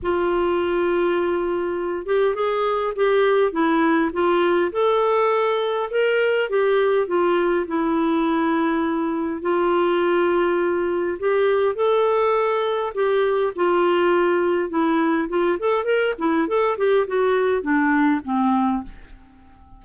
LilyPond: \new Staff \with { instrumentName = "clarinet" } { \time 4/4 \tempo 4 = 102 f'2.~ f'8 g'8 | gis'4 g'4 e'4 f'4 | a'2 ais'4 g'4 | f'4 e'2. |
f'2. g'4 | a'2 g'4 f'4~ | f'4 e'4 f'8 a'8 ais'8 e'8 | a'8 g'8 fis'4 d'4 c'4 | }